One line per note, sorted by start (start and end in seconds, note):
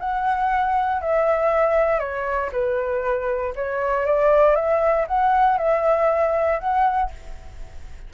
0.00 1.02 F#5
1.02 2.00 E5
2.00 2.51 C#5
2.53 3.54 B4
3.56 4.06 C#5
4.06 4.56 D5
4.56 5.07 E5
5.08 5.58 F#5
5.58 6.60 E5
6.60 7.11 F#5